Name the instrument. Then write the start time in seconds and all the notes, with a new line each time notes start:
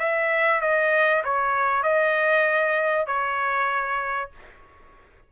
trumpet
0.00 E5
0.62 D#5
1.25 C#5
1.84 D#5
3.07 C#5